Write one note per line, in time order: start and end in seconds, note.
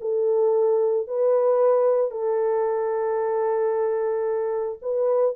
0.00 1.07 A4
1.07 2.11 B4
2.11 4.78 A4
4.81 5.35 B4